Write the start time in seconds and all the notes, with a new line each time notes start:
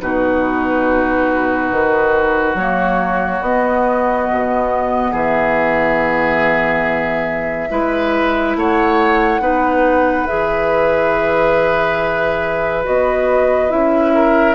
0.00 B2 D#4 F#4 B4
1.72 D#3
2.54 F#3 A#3 C#5
3.41 B3 D#5
4.31 B2
5.11 E3 G#4 E5
7.70 G#3 E4 B4
8.56 A3 C#5 F#5
9.40 B3 D#4 B4
10.26 E3 G#4 E5
12.83 B3 F#4 D#5
13.69 C#4 E4 E5
14.14 A#4